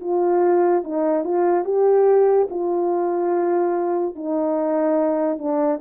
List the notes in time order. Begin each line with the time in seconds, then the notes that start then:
0.00 F4
0.84 D#4
1.24 F4
1.64 G4
2.50 F4
4.15 D#4
5.38 D4